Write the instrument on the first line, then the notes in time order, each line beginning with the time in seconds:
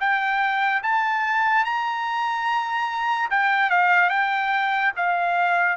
trumpet
0.00 G5
0.83 A5
1.65 A#5
3.30 G5
3.70 F5
4.10 G5
4.97 F5